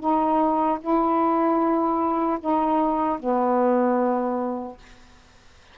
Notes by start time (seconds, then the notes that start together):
0.00 D#4
0.81 E4
2.40 D#4
3.20 B3